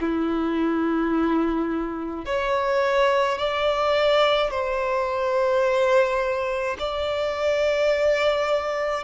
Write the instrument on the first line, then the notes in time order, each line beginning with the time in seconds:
violin
0.00 E4
2.25 C#5
3.38 D5
4.50 C5
6.79 D5